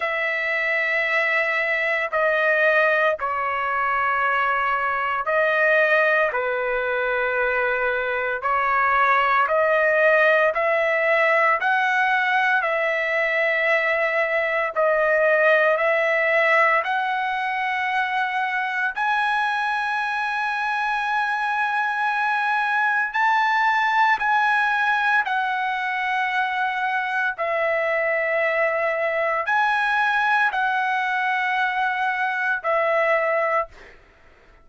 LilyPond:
\new Staff \with { instrumentName = "trumpet" } { \time 4/4 \tempo 4 = 57 e''2 dis''4 cis''4~ | cis''4 dis''4 b'2 | cis''4 dis''4 e''4 fis''4 | e''2 dis''4 e''4 |
fis''2 gis''2~ | gis''2 a''4 gis''4 | fis''2 e''2 | gis''4 fis''2 e''4 | }